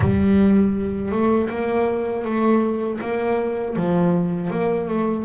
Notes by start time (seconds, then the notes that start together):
0.00 G3
1.11 A3
1.49 A#3
2.24 A3
3.00 A#3
3.76 F3
4.50 A#3
4.88 A3